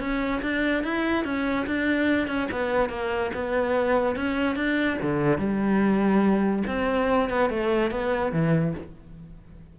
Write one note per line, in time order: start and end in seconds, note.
0.00 0.42 C#4
0.43 0.84 D4
0.84 1.25 E4
1.25 1.66 C#4
1.67 2.28 D4
2.28 2.48 C#4
2.52 2.90 B3
2.90 3.31 A#3
3.34 4.16 B3
4.16 4.56 C#4
4.56 4.98 D4
5.02 5.38 D3
5.38 6.63 G3
6.67 7.30 C4
7.30 7.50 B3
7.50 7.91 A3
7.91 8.33 B3
8.33 8.74 E3